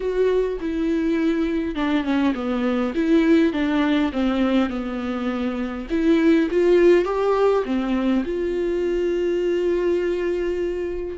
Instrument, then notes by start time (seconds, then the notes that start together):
viola
0.00 F#4
0.60 E4
1.75 D4
2.03 C#4
2.34 B3
2.94 E4
3.52 D4
4.12 C4
4.69 B3
5.90 E4
6.51 F4
7.04 G4
7.65 C4
8.24 F4